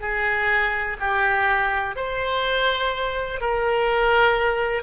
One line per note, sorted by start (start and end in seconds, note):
0.00 0.97 G#4
0.99 1.95 G4
1.95 3.40 C5
3.40 4.83 A#4